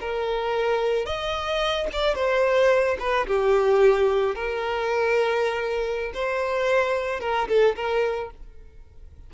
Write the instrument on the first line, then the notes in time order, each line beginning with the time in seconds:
violin
0.00 A#4
1.06 D#5
1.93 D5
2.15 C5
2.99 B4
3.27 G4
4.35 A#4
6.14 C5
7.20 A#4
7.48 A4
7.76 A#4